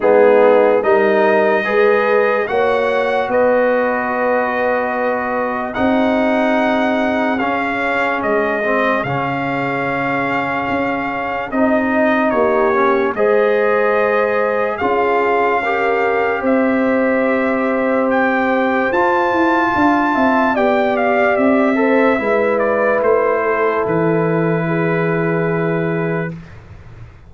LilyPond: <<
  \new Staff \with { instrumentName = "trumpet" } { \time 4/4 \tempo 4 = 73 gis'4 dis''2 fis''4 | dis''2. fis''4~ | fis''4 f''4 dis''4 f''4~ | f''2 dis''4 cis''4 |
dis''2 f''2 | e''2 g''4 a''4~ | a''4 g''8 f''8 e''4. d''8 | c''4 b'2. | }
  \new Staff \with { instrumentName = "horn" } { \time 4/4 dis'4 ais'4 b'4 cis''4 | b'2. gis'4~ | gis'1~ | gis'2. g'4 |
c''2 gis'4 ais'4 | c''1 | f''8 e''8 d''4. c''8 b'4~ | b'8 a'4. gis'2 | }
  \new Staff \with { instrumentName = "trombone" } { \time 4/4 b4 dis'4 gis'4 fis'4~ | fis'2. dis'4~ | dis'4 cis'4. c'8 cis'4~ | cis'2 dis'4. cis'8 |
gis'2 f'4 g'4~ | g'2. f'4~ | f'4 g'4. a'8 e'4~ | e'1 | }
  \new Staff \with { instrumentName = "tuba" } { \time 4/4 gis4 g4 gis4 ais4 | b2. c'4~ | c'4 cis'4 gis4 cis4~ | cis4 cis'4 c'4 ais4 |
gis2 cis'2 | c'2. f'8 e'8 | d'8 c'8 b4 c'4 gis4 | a4 e2. | }
>>